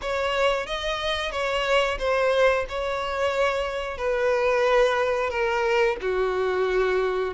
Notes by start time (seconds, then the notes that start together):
0.02 C#5
0.66 D#5
1.31 C#5
1.98 C5
2.68 C#5
3.97 B4
5.29 A#4
6.01 F#4